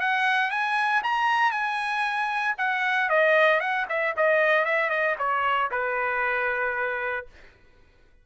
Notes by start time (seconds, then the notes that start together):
0.00 F#5
0.50 G#5
1.03 A#5
1.51 G#5
2.57 F#5
3.09 D#5
3.60 F#5
3.89 E5
4.17 D#5
4.65 E5
4.89 D#5
5.18 C#5
5.71 B4